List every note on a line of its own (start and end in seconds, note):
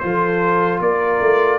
0.00 0.80 F3
0.00 1.59 F4
0.00 0.82 A4
0.00 0.79 C5
0.80 1.20 A#3
0.80 1.59 A#4
0.80 1.59 D5
1.20 1.59 A3